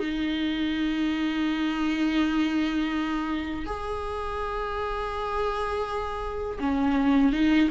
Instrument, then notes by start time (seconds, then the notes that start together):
viola
0.00 D#4
3.67 G#4
6.60 C#4
7.33 D#4